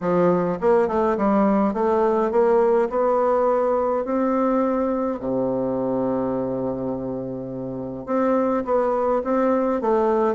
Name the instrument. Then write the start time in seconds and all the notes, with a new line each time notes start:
bassoon
0.00 F3
0.61 A#3
0.88 A3
1.17 G3
1.73 A3
2.31 A#3
2.89 B3
4.04 C4
5.19 C3
8.06 C4
8.64 B3
9.24 C4
9.81 A3